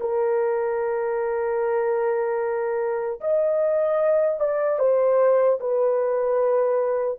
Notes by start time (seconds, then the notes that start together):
0.00 A#4
3.20 D#5
4.40 D5
4.79 C5
5.60 B4